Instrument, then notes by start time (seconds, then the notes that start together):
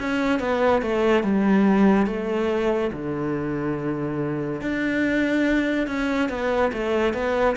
cello
0.00 C#4
0.40 B3
0.83 A3
1.24 G3
2.07 A3
2.93 D3
4.62 D4
5.88 C#4
6.30 B3
6.73 A3
7.14 B3